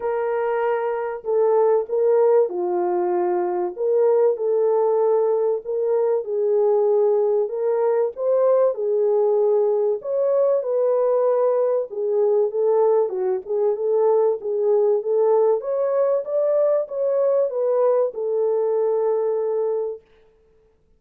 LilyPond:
\new Staff \with { instrumentName = "horn" } { \time 4/4 \tempo 4 = 96 ais'2 a'4 ais'4 | f'2 ais'4 a'4~ | a'4 ais'4 gis'2 | ais'4 c''4 gis'2 |
cis''4 b'2 gis'4 | a'4 fis'8 gis'8 a'4 gis'4 | a'4 cis''4 d''4 cis''4 | b'4 a'2. | }